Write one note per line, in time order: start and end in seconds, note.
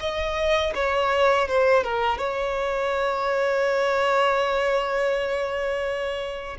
0.00 0.73 D#5
0.75 1.48 C#5
1.48 1.84 C5
1.84 2.18 A#4
2.18 6.57 C#5